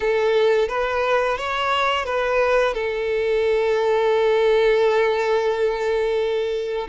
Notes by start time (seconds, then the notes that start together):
0.00 A4
0.68 B4
1.37 C#5
2.05 B4
2.74 A4